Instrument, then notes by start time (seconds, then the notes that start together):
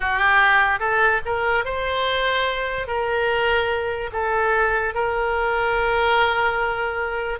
oboe
0.00 G4
0.79 A4
1.25 A#4
1.64 C5
2.87 A#4
4.12 A4
4.94 A#4